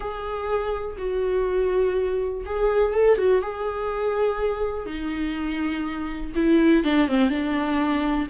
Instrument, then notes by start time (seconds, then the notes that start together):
viola
0.00 G#4
0.98 F#4
2.45 G#4
2.93 A4
3.18 F#4
3.41 G#4
4.86 D#4
6.35 E4
6.84 D4
7.08 C4
7.29 D4